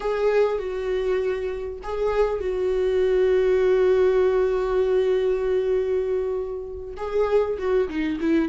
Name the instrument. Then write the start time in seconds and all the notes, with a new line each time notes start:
viola
0.00 G#4
0.58 F#4
1.83 G#4
2.40 F#4
6.96 G#4
7.58 F#4
7.88 D#4
8.20 E4